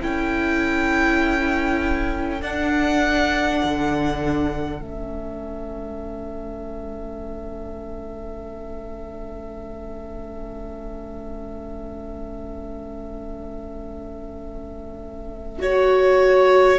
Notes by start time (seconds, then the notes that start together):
0.00 C#4 E4 A4 G5
2.41 D4 F#5
3.64 D3
4.79 A3 C#4 E5
15.59 F#4 C#5